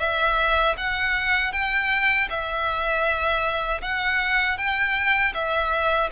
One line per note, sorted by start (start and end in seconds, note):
0.00 0.76 E5
0.78 1.53 F#5
1.53 2.29 G5
2.30 3.82 E5
3.82 4.58 F#5
4.58 5.34 G5
5.34 6.10 E5